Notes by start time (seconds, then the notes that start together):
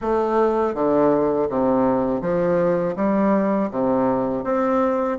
0.01 A3
0.74 D3
1.48 C3
2.21 F3
2.96 G3
3.70 C3
4.44 C4